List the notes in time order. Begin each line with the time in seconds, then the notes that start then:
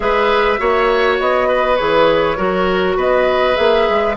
0.00 G#3 G#4 B4 E5
0.57 A#3 F#4 C#5
1.19 B3 D#5
1.48 B4
1.75 E3 G#4 C#5
2.36 F#3 F#4 A#4
2.96 B3 B4 D#5
3.54 A#3 G#4 E5
3.89 G#3